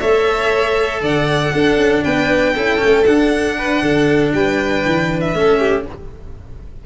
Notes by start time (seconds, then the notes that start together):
0.00 A3 A4 C#5 E5
1.01 D3 D5 F#5
1.53 D4 A4
1.77 C#4
2.04 B3 B4 G5
2.55 C#4 E4 A4
2.78 C#4
2.85 A3
3.05 D4 F#5
3.58 B4
3.82 D3 A4
4.34 G3 B4 G5
4.85 E3
5.20 E5
5.34 A3 C#4 A4
5.59 G4